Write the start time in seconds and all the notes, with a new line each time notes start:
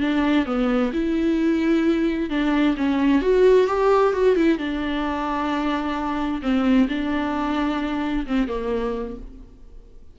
0.00 D4
0.45 B3
0.93 E4
2.30 D4
2.77 C#4
3.21 F#4
3.67 G4
4.13 F#4
4.36 E4
4.58 D4
6.42 C4
6.88 D4
8.26 C4
8.47 A#3